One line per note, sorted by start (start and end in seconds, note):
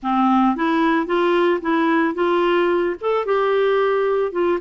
0.03 0.56 C4
0.56 1.06 E4
1.06 1.60 F4
1.61 2.14 E4
2.14 2.95 F4
3.00 3.25 A4
3.25 4.31 G4
4.31 4.58 F4